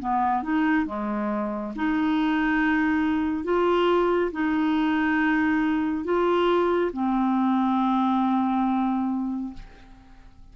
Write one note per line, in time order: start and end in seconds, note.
0.00 0.43 B3
0.43 0.86 D#4
0.86 1.73 G#3
1.76 3.45 D#4
3.45 4.32 F4
4.32 6.05 D#4
6.05 6.92 F4
6.93 9.54 C4